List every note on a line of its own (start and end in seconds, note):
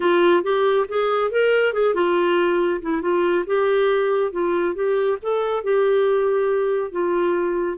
0.00 0.43 F4
0.43 0.86 G4
0.88 1.31 G#4
1.31 1.73 A#4
1.73 1.94 G#4
1.94 2.80 F4
2.81 3.01 E4
3.01 3.44 F4
3.46 4.31 G4
4.31 4.74 F4
4.74 5.17 G4
5.21 5.63 A4
5.63 6.91 G4
6.91 7.77 F4